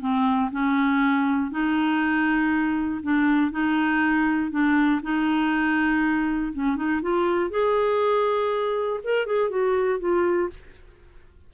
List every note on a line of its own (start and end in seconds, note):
0.00 0.50 C4
0.51 1.51 C#4
1.51 3.01 D#4
3.02 3.51 D4
3.51 4.51 D#4
4.51 5.01 D4
5.02 6.52 D#4
6.52 6.76 C#4
6.76 7.01 D#4
7.02 7.50 F4
7.50 9.00 G#4
9.04 9.26 A#4
9.26 9.50 G#4
9.50 9.99 F#4
9.99 10.49 F4